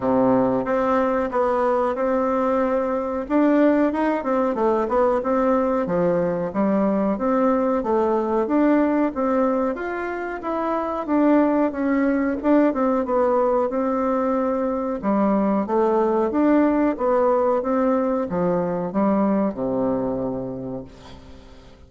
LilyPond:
\new Staff \with { instrumentName = "bassoon" } { \time 4/4 \tempo 4 = 92 c4 c'4 b4 c'4~ | c'4 d'4 dis'8 c'8 a8 b8 | c'4 f4 g4 c'4 | a4 d'4 c'4 f'4 |
e'4 d'4 cis'4 d'8 c'8 | b4 c'2 g4 | a4 d'4 b4 c'4 | f4 g4 c2 | }